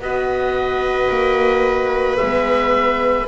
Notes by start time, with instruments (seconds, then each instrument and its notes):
0.00 double bass B3, horn F#4, viola B4, oboe D#5
1.10 double bass A#3
2.17 double bass G#3, horn B3, oboe E5